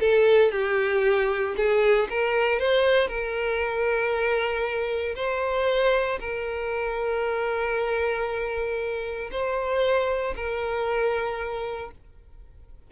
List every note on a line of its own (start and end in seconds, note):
0.00 0.51 A4
0.51 1.55 G4
1.57 2.08 G#4
2.10 2.59 A#4
2.59 3.08 C5
3.08 5.15 A#4
5.15 6.19 C5
6.20 9.30 A#4
9.31 10.35 C5
10.36 11.91 A#4